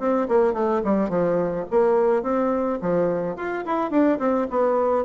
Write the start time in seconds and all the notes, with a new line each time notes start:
0.00 C4
0.29 A#3
0.54 A3
0.85 G3
1.10 F3
1.71 A#3
2.23 C4
2.82 F3
3.37 F4
3.66 E4
3.91 D4
4.20 C4
4.51 B3